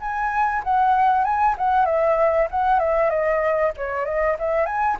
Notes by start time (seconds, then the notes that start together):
0.00 G#5
0.64 F#5
1.24 G#5
1.58 F#5
1.86 E5
2.50 F#5
2.79 E5
3.10 D#5
3.77 C#5
4.05 D#5
4.39 E5
4.66 G#5